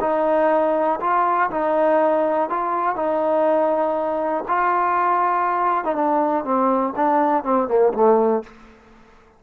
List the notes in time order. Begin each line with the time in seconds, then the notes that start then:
0.00 D#4
1.00 F4
1.50 D#4
2.49 F4
2.95 D#4
4.48 F4
5.84 D#4
5.95 D4
6.44 C4
6.95 D4
7.43 C4
7.67 A#3
7.93 A3